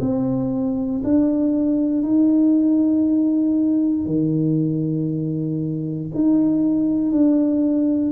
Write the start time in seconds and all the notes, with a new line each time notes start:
0.00 C4
1.04 D4
2.03 D#4
4.06 D#3
6.14 D#4
7.11 D4